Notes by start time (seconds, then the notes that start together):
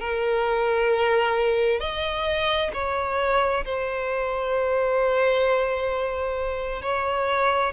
0.00 A#4
1.80 D#5
2.73 C#5
3.65 C5
6.82 C#5